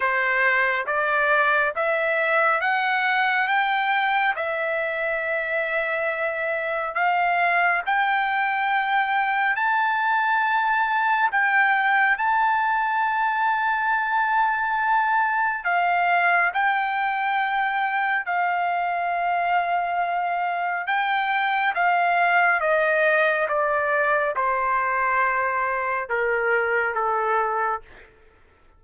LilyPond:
\new Staff \with { instrumentName = "trumpet" } { \time 4/4 \tempo 4 = 69 c''4 d''4 e''4 fis''4 | g''4 e''2. | f''4 g''2 a''4~ | a''4 g''4 a''2~ |
a''2 f''4 g''4~ | g''4 f''2. | g''4 f''4 dis''4 d''4 | c''2 ais'4 a'4 | }